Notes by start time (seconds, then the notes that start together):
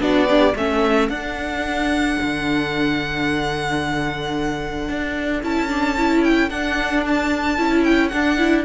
0.00 B3 D4 F#4 D5
0.28 D4 G4
0.53 A3 C#4 A4 E5
1.09 D4 F#5
2.21 D3
4.89 D4
5.42 C#4 E4 A5
5.69 D4
5.97 E4
6.24 G5
6.49 D4 F#5
7.07 A5
7.57 C#4 E4
7.84 G5
8.08 D4 F#5
8.37 E4